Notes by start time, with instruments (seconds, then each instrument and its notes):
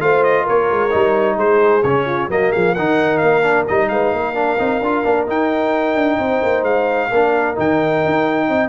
0.00 tuba A3, trombone F4, horn C5, trumpet F5
0.24 trumpet D#5
0.43 tuba A#3, horn A#4, trumpet C#5
0.71 tuba G#3
0.90 tuba G3, trombone D#4
1.37 tuba G#3, horn G#4, trumpet C5
1.83 tuba C#3, trombone C#4, trumpet C#5
2.06 horn F4
2.29 tuba F#3, trombone A#3, horn F#4, trumpet D#5
2.52 tuba F3, horn G#4, trumpet F5
2.73 tuba D#3, trombone D#4, horn A#4, trumpet F#5
3.18 tuba A#3, trumpet F5
3.43 trombone D4
3.68 tuba G3, trombone D#4, trumpet D#5
3.89 tuba G#3, horn B4, trumpet F5
4.13 tuba A#3, horn A#4
4.35 trombone D4
4.59 tuba C4, trombone D#4
4.81 tuba D4, trombone F4
5.04 tuba A#3, trombone D4
5.27 trombone D#4, tuba D#4, trumpet G5
5.95 tuba D4
6.19 tuba C4, horn C5
6.42 tuba A#3
6.63 tuba G#3, trumpet F5
7.09 tuba A#3, trombone D4, horn A#4
7.55 tuba D#3, trombone D#4, trumpet G5
8.05 tuba D#4
8.48 tuba C4, horn D#5